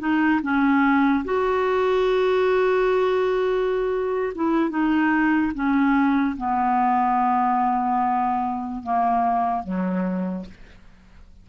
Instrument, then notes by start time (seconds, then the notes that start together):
clarinet
0.00 D#4
0.43 C#4
1.25 F#4
4.35 E4
4.70 D#4
5.54 C#4
6.37 B3
8.84 A#3
9.64 F#3